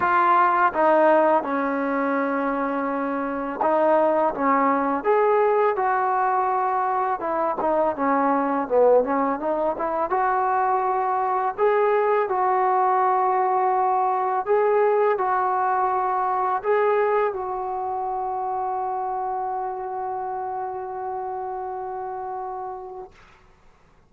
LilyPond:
\new Staff \with { instrumentName = "trombone" } { \time 4/4 \tempo 4 = 83 f'4 dis'4 cis'2~ | cis'4 dis'4 cis'4 gis'4 | fis'2 e'8 dis'8 cis'4 | b8 cis'8 dis'8 e'8 fis'2 |
gis'4 fis'2. | gis'4 fis'2 gis'4 | fis'1~ | fis'1 | }